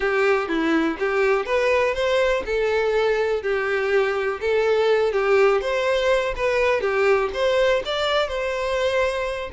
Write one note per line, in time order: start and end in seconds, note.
0.00 0.48 G4
0.48 0.97 E4
0.99 1.45 G4
1.45 1.94 B4
1.94 2.43 C5
2.45 3.42 A4
3.42 4.39 G4
4.40 5.12 A4
5.12 5.61 G4
5.61 6.34 C5
6.36 6.80 B4
6.80 7.29 G4
7.33 7.82 C5
7.85 8.27 D5
8.27 9.49 C5